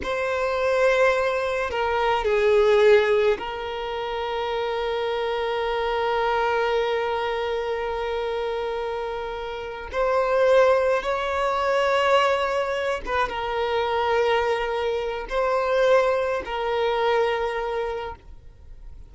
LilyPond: \new Staff \with { instrumentName = "violin" } { \time 4/4 \tempo 4 = 106 c''2. ais'4 | gis'2 ais'2~ | ais'1~ | ais'1~ |
ais'4. c''2 cis''8~ | cis''2. b'8 ais'8~ | ais'2. c''4~ | c''4 ais'2. | }